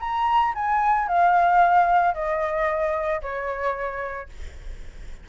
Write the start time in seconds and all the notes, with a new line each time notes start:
0.00 A#5
0.55 G#5
1.08 F5
2.14 D#5
3.22 C#5